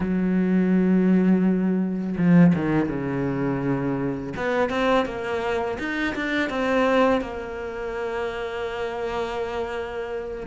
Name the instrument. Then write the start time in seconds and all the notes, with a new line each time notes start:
cello
0.00 F#3
2.17 F3
2.55 D#3
2.88 C#3
4.36 B3
4.69 C4
5.05 A#3
5.78 D#4
6.14 D4
6.49 C4
7.21 A#3